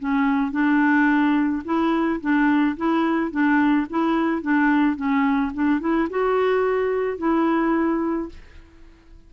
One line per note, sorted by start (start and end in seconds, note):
0.00 0.52 C#4
0.52 1.63 D4
1.65 2.20 E4
2.21 2.77 D4
2.77 3.32 E4
3.32 3.87 D4
3.90 4.42 E4
4.42 4.97 D4
4.97 5.52 C#4
5.54 5.81 D4
5.81 6.09 E4
6.10 7.18 F#4
7.18 8.30 E4